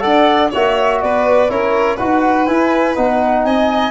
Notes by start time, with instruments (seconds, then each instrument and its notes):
0.00 tuba D4, trombone A4, violin D5, flute F#5
0.50 tuba A#3, trombone F#4, violin C#5, flute E5
1.02 tuba B3, violin B4, flute D5
1.49 tuba C#4, trombone E4, violin A#4, flute C#5
1.96 tuba D#4, trombone F#4, violin B4, flute F#5
2.46 trombone E4, tuba E4, flute G#5
2.95 tuba B3, trombone D#4, flute F#5
3.45 tuba C4, violin D#5, flute G#5